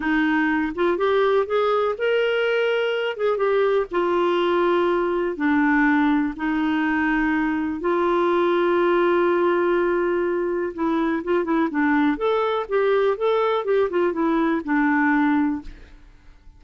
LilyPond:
\new Staff \with { instrumentName = "clarinet" } { \time 4/4 \tempo 4 = 123 dis'4. f'8 g'4 gis'4 | ais'2~ ais'8 gis'8 g'4 | f'2. d'4~ | d'4 dis'2. |
f'1~ | f'2 e'4 f'8 e'8 | d'4 a'4 g'4 a'4 | g'8 f'8 e'4 d'2 | }